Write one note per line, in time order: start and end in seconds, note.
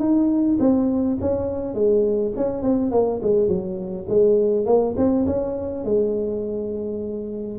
0.00 0.58 D#4
0.60 1.18 C4
1.21 1.75 C#4
1.75 2.33 G#3
2.37 2.63 C#4
2.63 2.92 C4
2.92 3.21 A#3
3.23 3.48 G#3
3.48 4.07 F#3
4.09 4.66 G#3
4.66 4.95 A#3
4.97 5.26 C4
5.27 5.85 C#4
5.85 7.59 G#3